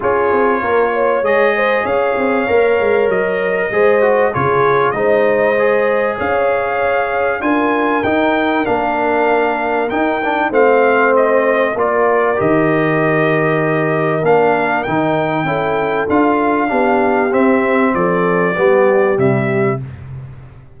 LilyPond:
<<
  \new Staff \with { instrumentName = "trumpet" } { \time 4/4 \tempo 4 = 97 cis''2 dis''4 f''4~ | f''4 dis''2 cis''4 | dis''2 f''2 | gis''4 g''4 f''2 |
g''4 f''4 dis''4 d''4 | dis''2. f''4 | g''2 f''2 | e''4 d''2 e''4 | }
  \new Staff \with { instrumentName = "horn" } { \time 4/4 gis'4 ais'8 cis''4 c''8 cis''4~ | cis''2 c''4 gis'4 | c''2 cis''2 | ais'1~ |
ais'4 c''2 ais'4~ | ais'1~ | ais'4 a'2 g'4~ | g'4 a'4 g'2 | }
  \new Staff \with { instrumentName = "trombone" } { \time 4/4 f'2 gis'2 | ais'2 gis'8 fis'8 f'4 | dis'4 gis'2. | f'4 dis'4 d'2 |
dis'8 d'8 c'2 f'4 | g'2. d'4 | dis'4 e'4 f'4 d'4 | c'2 b4 g4 | }
  \new Staff \with { instrumentName = "tuba" } { \time 4/4 cis'8 c'8 ais4 gis4 cis'8 c'8 | ais8 gis8 fis4 gis4 cis4 | gis2 cis'2 | d'4 dis'4 ais2 |
dis'4 a2 ais4 | dis2. ais4 | dis4 cis'4 d'4 b4 | c'4 f4 g4 c4 | }
>>